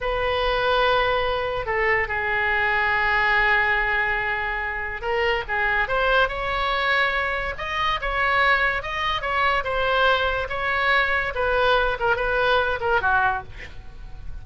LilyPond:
\new Staff \with { instrumentName = "oboe" } { \time 4/4 \tempo 4 = 143 b'1 | a'4 gis'2.~ | gis'1 | ais'4 gis'4 c''4 cis''4~ |
cis''2 dis''4 cis''4~ | cis''4 dis''4 cis''4 c''4~ | c''4 cis''2 b'4~ | b'8 ais'8 b'4. ais'8 fis'4 | }